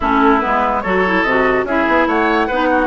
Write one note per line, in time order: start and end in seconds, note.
0.00 0.43 A3
0.00 0.40 C#4
0.00 0.82 E4
0.00 0.39 A4
0.39 0.85 G#3
0.39 0.82 B3
0.39 0.81 B4
0.81 1.24 F#3
0.81 1.05 F#4
0.81 1.65 A4
0.81 1.22 C#5
1.06 1.26 E4
1.23 1.63 C3
1.23 1.67 F#4
1.23 1.64 D#5
1.63 1.84 C#4
1.63 2.50 E4
1.63 2.08 G#4
1.63 2.08 E5
1.87 2.06 B3
2.06 2.48 A3
2.06 2.47 C#5
2.06 2.87 F#5
2.47 2.87 B3
2.47 2.87 D#4
2.47 2.68 B4
2.71 2.87 F#4